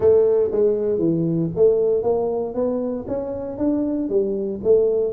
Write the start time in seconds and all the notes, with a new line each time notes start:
0.00 A3
0.51 G#3
0.99 E3
1.55 A3
2.03 A#3
2.54 B3
3.07 C#4
3.58 D4
4.09 G3
4.63 A3